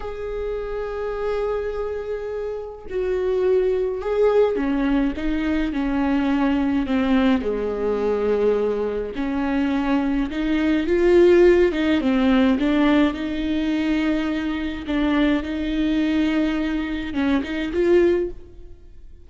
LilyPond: \new Staff \with { instrumentName = "viola" } { \time 4/4 \tempo 4 = 105 gis'1~ | gis'4 fis'2 gis'4 | cis'4 dis'4 cis'2 | c'4 gis2. |
cis'2 dis'4 f'4~ | f'8 dis'8 c'4 d'4 dis'4~ | dis'2 d'4 dis'4~ | dis'2 cis'8 dis'8 f'4 | }